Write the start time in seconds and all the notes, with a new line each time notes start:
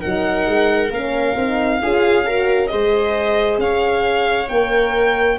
0.00 F#3 D#4 A#4 F#5
0.46 G#3
0.90 A#3 C#4 F5
1.35 C4 D#4
1.80 C#4 F4 G#4
2.26 F#4 A#4
2.67 G#3 G#4 C5 D#5
3.58 C#4 C#5 F5
4.48 A#3 A#4 G5